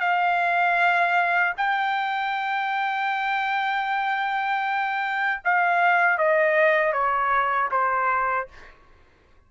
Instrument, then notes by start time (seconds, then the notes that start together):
trumpet
0.00 F5
1.57 G5
5.44 F5
6.18 D#5
6.93 C#5
7.71 C5